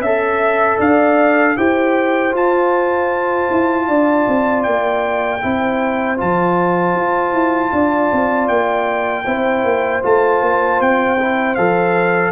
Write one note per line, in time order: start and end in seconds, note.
0.00 0.77 C#4
0.00 1.57 A4
0.00 0.78 E5
0.78 1.56 D4
0.78 1.55 D5
0.78 1.57 F5
1.57 2.32 E4
1.57 2.31 G4
1.57 3.87 C5
1.57 2.33 G5
2.31 5.38 F4
2.31 3.47 F4
2.31 4.62 A5
3.50 3.88 E4
3.87 4.26 D4
3.87 5.41 D5
4.27 4.66 C4
4.62 5.43 A#3
4.62 6.16 G5
5.41 6.20 C4
5.41 6.17 E4
5.41 7.73 C5
6.17 6.95 F3
6.17 9.24 F4
6.17 8.47 A5
6.95 7.32 F4
7.32 7.70 E4
7.72 8.10 D4
7.72 9.25 D5
8.12 8.48 C4
8.47 9.25 A#3
8.47 10.01 G5
9.25 9.63 C4
9.25 10.02 E4
9.25 12.31 C5
9.63 10.02 A#3
10.02 10.41 A3
10.02 11.18 F4
10.02 10.81 A5
10.41 10.80 A#3
10.80 11.57 C4
10.80 11.55 G5
11.19 11.57 E4
11.55 12.31 F3
11.55 12.31 A4
11.55 12.31 F5